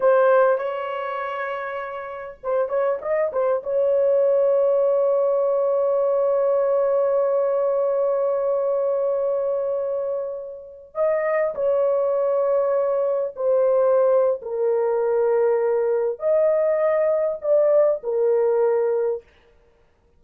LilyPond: \new Staff \with { instrumentName = "horn" } { \time 4/4 \tempo 4 = 100 c''4 cis''2. | c''8 cis''8 dis''8 c''8 cis''2~ | cis''1~ | cis''1~ |
cis''2~ cis''16 dis''4 cis''8.~ | cis''2~ cis''16 c''4.~ c''16 | ais'2. dis''4~ | dis''4 d''4 ais'2 | }